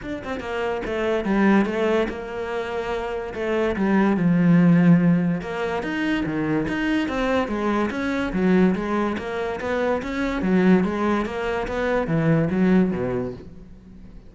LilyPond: \new Staff \with { instrumentName = "cello" } { \time 4/4 \tempo 4 = 144 d'8 c'8 ais4 a4 g4 | a4 ais2. | a4 g4 f2~ | f4 ais4 dis'4 dis4 |
dis'4 c'4 gis4 cis'4 | fis4 gis4 ais4 b4 | cis'4 fis4 gis4 ais4 | b4 e4 fis4 b,4 | }